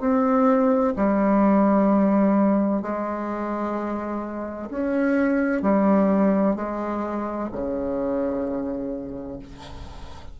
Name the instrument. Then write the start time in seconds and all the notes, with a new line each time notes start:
bassoon
0.00 C4
0.96 G3
2.82 G#3
4.70 C#4
5.62 G3
6.56 G#3
7.52 C#3